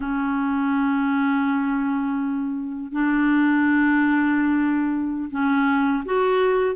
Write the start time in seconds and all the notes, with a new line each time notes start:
0.00 C#4
2.92 D4
5.30 C#4
6.05 F#4